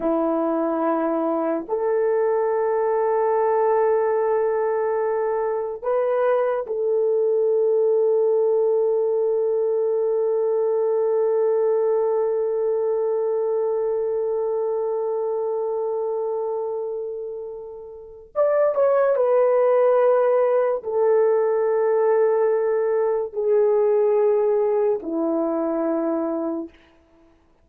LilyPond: \new Staff \with { instrumentName = "horn" } { \time 4/4 \tempo 4 = 72 e'2 a'2~ | a'2. b'4 | a'1~ | a'1~ |
a'1~ | a'2 d''8 cis''8 b'4~ | b'4 a'2. | gis'2 e'2 | }